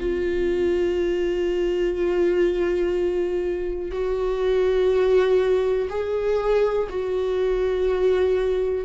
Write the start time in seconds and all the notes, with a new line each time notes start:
0.00 F4
3.92 F#4
5.90 G#4
6.90 F#4